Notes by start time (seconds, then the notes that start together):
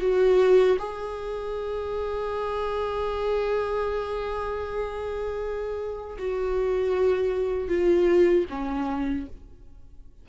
0.00 F#4
0.78 G#4
6.18 F#4
7.68 F4
8.49 C#4